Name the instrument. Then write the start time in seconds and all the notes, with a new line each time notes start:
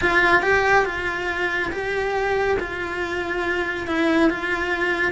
cello
0.01 F4
0.42 G4
0.85 F4
1.72 G4
2.59 F4
3.87 E4
4.30 F4